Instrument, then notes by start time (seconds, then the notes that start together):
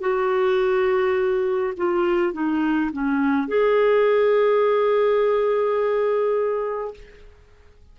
clarinet
0.00 F#4
1.77 F4
2.33 D#4
2.92 C#4
3.47 G#4